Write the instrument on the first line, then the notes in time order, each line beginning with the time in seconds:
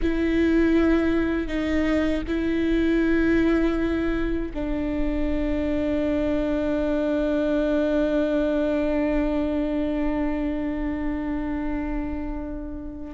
viola
0.01 E4
1.47 D#4
2.27 E4
4.54 D4